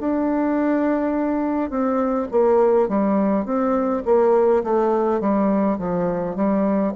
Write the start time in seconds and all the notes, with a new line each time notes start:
0.00 D4
1.70 C4
2.31 A#3
2.88 G3
3.45 C4
4.05 A#3
4.64 A3
5.20 G3
5.78 F3
6.35 G3